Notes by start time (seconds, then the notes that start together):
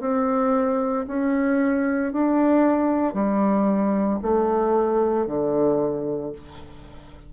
0.00 C4
1.07 C#4
2.12 D4
3.13 G3
4.22 A3
5.26 D3